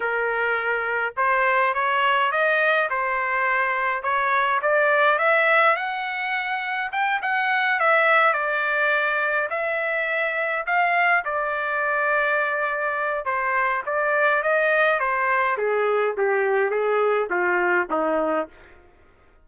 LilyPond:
\new Staff \with { instrumentName = "trumpet" } { \time 4/4 \tempo 4 = 104 ais'2 c''4 cis''4 | dis''4 c''2 cis''4 | d''4 e''4 fis''2 | g''8 fis''4 e''4 d''4.~ |
d''8 e''2 f''4 d''8~ | d''2. c''4 | d''4 dis''4 c''4 gis'4 | g'4 gis'4 f'4 dis'4 | }